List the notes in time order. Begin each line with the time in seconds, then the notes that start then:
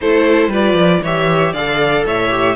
0.01 A3 E4 A4 C5
0.48 G3 F4 B4 D5
0.73 F3
1.02 E3 G4 C#5 E5
1.52 D3 A4 D5 F5
2.05 A2 C#5 E5
2.29 G4